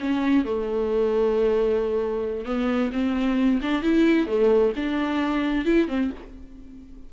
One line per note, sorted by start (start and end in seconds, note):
0.00 0.45 C#4
0.45 2.45 A3
2.45 2.91 B3
2.93 3.61 C4
3.62 3.82 D4
3.82 4.27 E4
4.27 4.72 A3
4.76 5.65 D4
5.65 5.88 E4
5.88 6.11 C4